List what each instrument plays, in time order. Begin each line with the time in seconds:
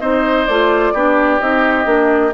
0.00 bassoon C4, clarinet D#4, oboe C5, flute D#5
0.47 bassoon A3, clarinet F4, flute D5
0.94 bassoon B3, clarinet D4, oboe G4
1.40 bassoon C4, clarinet D#4, flute D#5
1.85 bassoon A#3, clarinet D4